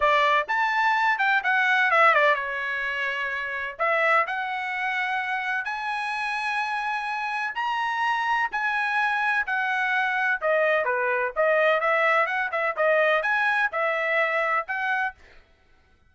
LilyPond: \new Staff \with { instrumentName = "trumpet" } { \time 4/4 \tempo 4 = 127 d''4 a''4. g''8 fis''4 | e''8 d''8 cis''2. | e''4 fis''2. | gis''1 |
ais''2 gis''2 | fis''2 dis''4 b'4 | dis''4 e''4 fis''8 e''8 dis''4 | gis''4 e''2 fis''4 | }